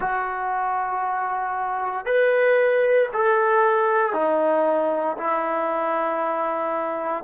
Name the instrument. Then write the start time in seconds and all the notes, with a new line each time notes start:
trombone
0.00 F#4
2.05 B4
3.13 A4
4.13 D#4
5.17 E4